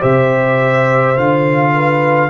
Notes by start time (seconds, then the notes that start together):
0.00 C3 G4 C5 E5
1.16 D3 F4 F5
1.74 B4